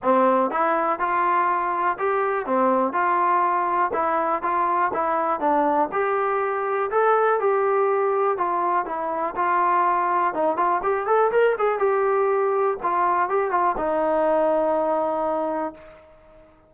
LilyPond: \new Staff \with { instrumentName = "trombone" } { \time 4/4 \tempo 4 = 122 c'4 e'4 f'2 | g'4 c'4 f'2 | e'4 f'4 e'4 d'4 | g'2 a'4 g'4~ |
g'4 f'4 e'4 f'4~ | f'4 dis'8 f'8 g'8 a'8 ais'8 gis'8 | g'2 f'4 g'8 f'8 | dis'1 | }